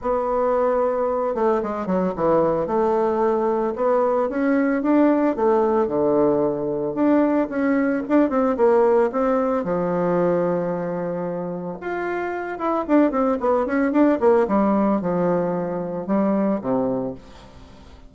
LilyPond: \new Staff \with { instrumentName = "bassoon" } { \time 4/4 \tempo 4 = 112 b2~ b8 a8 gis8 fis8 | e4 a2 b4 | cis'4 d'4 a4 d4~ | d4 d'4 cis'4 d'8 c'8 |
ais4 c'4 f2~ | f2 f'4. e'8 | d'8 c'8 b8 cis'8 d'8 ais8 g4 | f2 g4 c4 | }